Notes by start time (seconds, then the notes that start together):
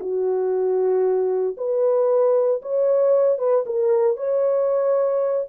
0.00 F#4
1.57 B4
2.62 C#5
3.38 B4
3.66 A#4
4.17 C#5